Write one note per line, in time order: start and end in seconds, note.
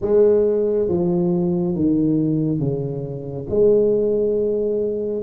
0.01 0.88 G#3
0.88 1.75 F3
1.75 2.59 D#3
2.59 3.46 C#3
3.49 5.22 G#3